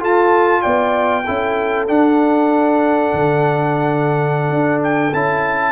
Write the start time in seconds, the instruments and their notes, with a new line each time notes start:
0.00 trombone F4, tuba F4, horn A4, trumpet A5
0.62 tuba B3, horn D5, trumpet G5
1.25 tuba C#4, trombone E4, horn A4
1.88 trombone D4, tuba D4, trumpet F#5
3.14 tuba D3
4.49 tuba D4
4.84 trumpet G5
5.14 tuba C#4, trombone E4, trumpet A5